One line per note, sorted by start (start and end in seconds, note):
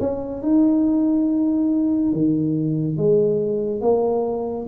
0.00 0.42 C#4
0.42 2.13 D#4
2.13 2.98 D#3
2.98 3.81 G#3
3.81 4.67 A#3